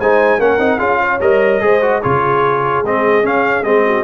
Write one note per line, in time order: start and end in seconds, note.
0.00 0.40 G#3
0.00 0.40 D#4
0.00 0.40 C5
0.00 0.41 G#5
0.40 0.59 A#3
0.40 0.60 C#4
0.40 0.78 A#4
0.40 0.79 F#5
0.59 0.79 C4
0.59 0.79 D#4
0.78 1.20 C#4
0.78 1.20 F4
0.78 0.99 G#4
0.78 1.20 F5
1.02 1.63 C#5
1.21 1.62 G3
1.21 1.61 A#4
1.21 2.03 D#5
1.61 2.03 G#3
1.61 1.81 G#4
1.61 2.01 C5
1.82 2.03 F#4
2.01 2.84 C#3
2.01 2.85 F4
2.01 3.85 G#4
2.01 2.84 C#5
2.84 3.25 G#3
2.84 3.23 C4
2.84 3.26 D#5
3.23 3.64 C#4
3.23 3.64 F5
3.64 4.04 G#3
3.64 4.05 C4
3.64 4.05 D#5
3.85 4.05 F#4